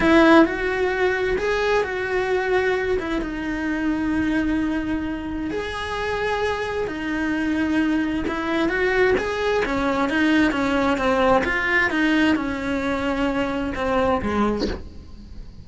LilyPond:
\new Staff \with { instrumentName = "cello" } { \time 4/4 \tempo 4 = 131 e'4 fis'2 gis'4 | fis'2~ fis'8 e'8 dis'4~ | dis'1 | gis'2. dis'4~ |
dis'2 e'4 fis'4 | gis'4 cis'4 dis'4 cis'4 | c'4 f'4 dis'4 cis'4~ | cis'2 c'4 gis4 | }